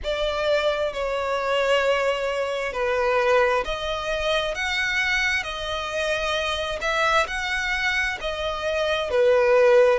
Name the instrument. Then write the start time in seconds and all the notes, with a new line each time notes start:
violin
0.03 D5
0.93 C#5
2.73 B4
3.64 D#5
4.55 F#5
5.43 D#5
6.81 E5
7.27 F#5
8.20 D#5
9.10 B4